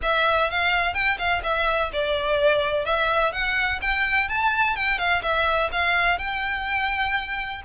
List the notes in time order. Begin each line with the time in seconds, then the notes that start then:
0.02 E5
0.50 F5
0.94 G5
1.18 F5
1.43 E5
1.93 D5
2.85 E5
3.32 F#5
3.81 G5
4.29 A5
4.76 G5
4.98 F5
5.22 E5
5.72 F5
6.18 G5